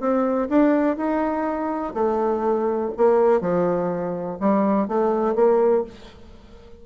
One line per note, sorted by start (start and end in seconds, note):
0.00 0.49 C4
0.49 0.97 D4
0.97 1.94 D#4
1.94 2.92 A3
2.98 3.41 A#3
3.41 4.38 F3
4.40 4.88 G3
4.88 5.35 A3
5.35 5.84 A#3